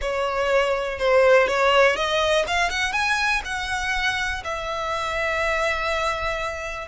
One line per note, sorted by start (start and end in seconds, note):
0.01 0.98 C#5
0.98 1.47 C5
1.47 1.96 C#5
1.96 2.45 D#5
2.47 2.70 F5
2.70 2.92 F#5
2.92 3.41 G#5
3.44 4.43 F#5
4.44 6.88 E5